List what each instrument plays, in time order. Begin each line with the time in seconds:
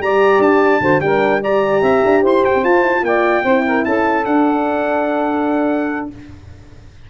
0.00 tuba G3, horn G4, saxophone D5, trumpet A#5
0.39 tuba D4, trumpet A5
0.81 tuba D3, horn F#4, saxophone C5
1.00 tuba G3, horn D4, saxophone A#4, trumpet G5
1.41 horn G4, saxophone D5, trumpet A#5
1.82 tuba C4, saxophone E5
2.05 tuba D4
2.22 tuba E4, saxophone C5, trumpet C6
2.45 tuba G4, trumpet G5
2.55 tuba C4
2.64 tuba F4, horn F4, trumpet A5
2.83 horn E4
2.96 horn F4
3.03 tuba A#3, saxophone D5, trumpet G5
3.44 tuba C4, horn E4, saxophone C5
3.67 saxophone A#4
3.85 tuba C#4, saxophone A4, trumpet A5
4.25 horn D4, tuba D4, trumpet F#5